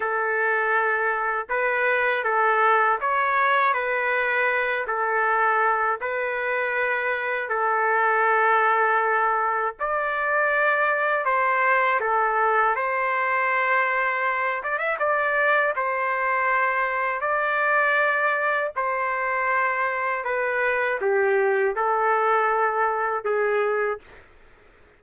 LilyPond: \new Staff \with { instrumentName = "trumpet" } { \time 4/4 \tempo 4 = 80 a'2 b'4 a'4 | cis''4 b'4. a'4. | b'2 a'2~ | a'4 d''2 c''4 |
a'4 c''2~ c''8 d''16 e''16 | d''4 c''2 d''4~ | d''4 c''2 b'4 | g'4 a'2 gis'4 | }